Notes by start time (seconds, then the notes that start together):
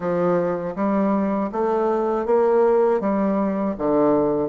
0.00 F3
0.75 G3
1.51 A3
2.25 A#3
3.00 G3
3.78 D3